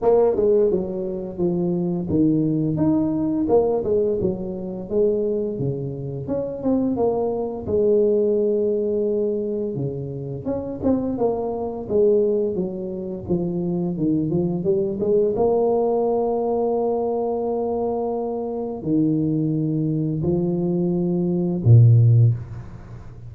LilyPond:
\new Staff \with { instrumentName = "tuba" } { \time 4/4 \tempo 4 = 86 ais8 gis8 fis4 f4 dis4 | dis'4 ais8 gis8 fis4 gis4 | cis4 cis'8 c'8 ais4 gis4~ | gis2 cis4 cis'8 c'8 |
ais4 gis4 fis4 f4 | dis8 f8 g8 gis8 ais2~ | ais2. dis4~ | dis4 f2 ais,4 | }